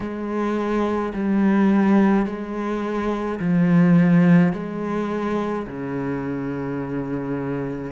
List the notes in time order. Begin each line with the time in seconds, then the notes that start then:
0.00 G#3
1.13 G3
2.25 G#3
3.39 F3
4.53 G#3
5.67 C#3